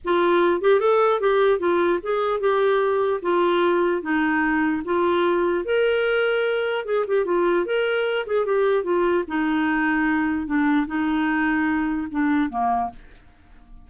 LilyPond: \new Staff \with { instrumentName = "clarinet" } { \time 4/4 \tempo 4 = 149 f'4. g'8 a'4 g'4 | f'4 gis'4 g'2 | f'2 dis'2 | f'2 ais'2~ |
ais'4 gis'8 g'8 f'4 ais'4~ | ais'8 gis'8 g'4 f'4 dis'4~ | dis'2 d'4 dis'4~ | dis'2 d'4 ais4 | }